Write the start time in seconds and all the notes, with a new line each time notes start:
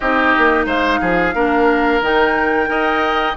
0.00 C4 D#4 G4 D#5
0.37 A#3
0.65 G#3 C5 F5
1.00 F3 G#4
1.34 A#3 D4 A#4
2.01 D#3 D#4 G5
2.66 D#4 A#4 D#5